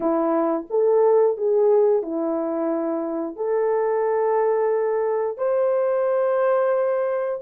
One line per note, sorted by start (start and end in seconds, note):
0.00 0.66 E4
0.70 1.37 A4
1.37 2.02 G#4
2.02 3.36 E4
3.36 5.37 A4
5.37 7.39 C5